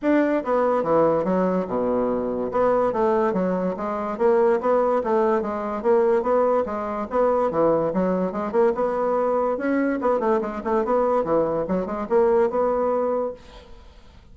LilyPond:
\new Staff \with { instrumentName = "bassoon" } { \time 4/4 \tempo 4 = 144 d'4 b4 e4 fis4 | b,2 b4 a4 | fis4 gis4 ais4 b4 | a4 gis4 ais4 b4 |
gis4 b4 e4 fis4 | gis8 ais8 b2 cis'4 | b8 a8 gis8 a8 b4 e4 | fis8 gis8 ais4 b2 | }